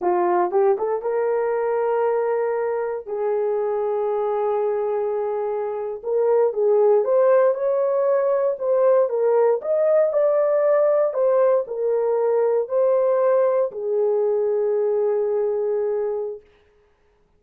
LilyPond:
\new Staff \with { instrumentName = "horn" } { \time 4/4 \tempo 4 = 117 f'4 g'8 a'8 ais'2~ | ais'2 gis'2~ | gis'2.~ gis'8. ais'16~ | ais'8. gis'4 c''4 cis''4~ cis''16~ |
cis''8. c''4 ais'4 dis''4 d''16~ | d''4.~ d''16 c''4 ais'4~ ais'16~ | ais'8. c''2 gis'4~ gis'16~ | gis'1 | }